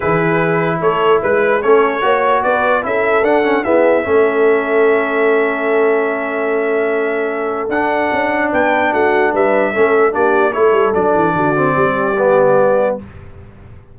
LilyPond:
<<
  \new Staff \with { instrumentName = "trumpet" } { \time 4/4 \tempo 4 = 148 b'2 cis''4 b'4 | cis''2 d''4 e''4 | fis''4 e''2.~ | e''1~ |
e''2. fis''4~ | fis''4 g''4 fis''4 e''4~ | e''4 d''4 cis''4 d''4~ | d''1 | }
  \new Staff \with { instrumentName = "horn" } { \time 4/4 gis'2 a'4 b'4 | a'4 cis''4 b'4 a'4~ | a'4 gis'4 a'2~ | a'1~ |
a'1~ | a'4 b'4 fis'4 b'4 | a'4 g'4 a'2 | fis'4 g'2. | }
  \new Staff \with { instrumentName = "trombone" } { \time 4/4 e'1 | cis'4 fis'2 e'4 | d'8 cis'8 b4 cis'2~ | cis'1~ |
cis'2. d'4~ | d'1 | cis'4 d'4 e'4 d'4~ | d'8 c'4. b2 | }
  \new Staff \with { instrumentName = "tuba" } { \time 4/4 e2 a4 gis4 | a4 ais4 b4 cis'4 | d'4 e'4 a2~ | a1~ |
a2. d'4 | cis'4 b4 a4 g4 | a4 ais4 a8 g8 fis8 e8 | d4 g2. | }
>>